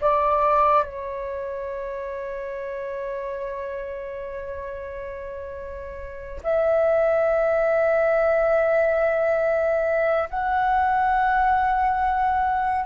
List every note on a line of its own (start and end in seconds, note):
0.00 0.83 D5
0.83 6.41 C#5
6.43 10.29 E5
10.29 12.85 F#5